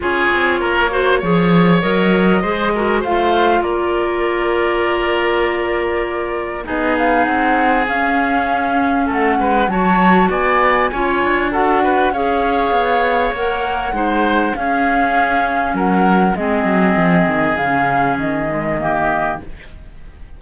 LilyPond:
<<
  \new Staff \with { instrumentName = "flute" } { \time 4/4 \tempo 4 = 99 cis''2. dis''4~ | dis''4 f''4 d''2~ | d''2. dis''8 f''8 | fis''4 f''2 fis''4 |
a''4 gis''2 fis''4 | f''2 fis''2 | f''2 fis''4 dis''4~ | dis''4 f''4 dis''2 | }
  \new Staff \with { instrumentName = "oboe" } { \time 4/4 gis'4 ais'8 c''8 cis''2 | c''8 ais'8 c''4 ais'2~ | ais'2. gis'4~ | gis'2. a'8 b'8 |
cis''4 d''4 cis''4 a'8 b'8 | cis''2. c''4 | gis'2 ais'4 gis'4~ | gis'2. g'4 | }
  \new Staff \with { instrumentName = "clarinet" } { \time 4/4 f'4. fis'8 gis'4 ais'4 | gis'8 fis'8 f'2.~ | f'2. dis'4~ | dis'4 cis'2. |
fis'2 f'4 fis'4 | gis'2 ais'4 dis'4 | cis'2. c'4~ | c'4 cis'4. gis8 ais4 | }
  \new Staff \with { instrumentName = "cello" } { \time 4/4 cis'8 c'8 ais4 f4 fis4 | gis4 a4 ais2~ | ais2. b4 | c'4 cis'2 a8 gis8 |
fis4 b4 cis'8 d'4. | cis'4 b4 ais4 gis4 | cis'2 fis4 gis8 fis8 | f8 dis8 cis4 dis2 | }
>>